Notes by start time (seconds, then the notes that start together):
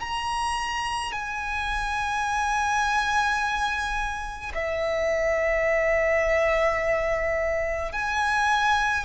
0.00 A#5
1.12 G#5
4.54 E5
7.92 G#5